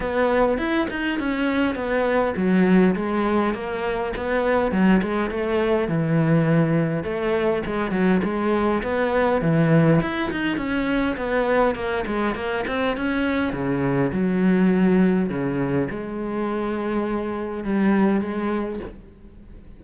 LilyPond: \new Staff \with { instrumentName = "cello" } { \time 4/4 \tempo 4 = 102 b4 e'8 dis'8 cis'4 b4 | fis4 gis4 ais4 b4 | fis8 gis8 a4 e2 | a4 gis8 fis8 gis4 b4 |
e4 e'8 dis'8 cis'4 b4 | ais8 gis8 ais8 c'8 cis'4 cis4 | fis2 cis4 gis4~ | gis2 g4 gis4 | }